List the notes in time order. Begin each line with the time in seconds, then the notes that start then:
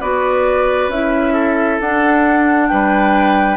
0.00 B3 F#4 B4 D5
0.88 C#4 E4 E5
1.33 A4
1.80 D4 F#5
2.68 G3 B4 G5